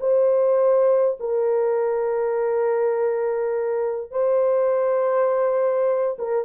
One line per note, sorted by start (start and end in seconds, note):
0.00 1.18 C5
1.20 4.11 A#4
4.11 6.17 C5
6.18 6.45 A#4